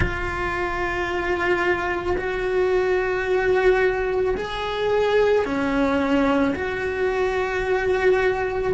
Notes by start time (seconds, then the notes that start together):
0.00 F4
2.17 F#4
4.36 G#4
5.45 C#4
6.55 F#4